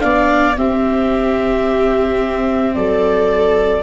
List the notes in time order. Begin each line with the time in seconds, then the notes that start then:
0.00 B3 D4 D5 F5
0.57 C4 G4 E5
2.75 F#3 A4 D5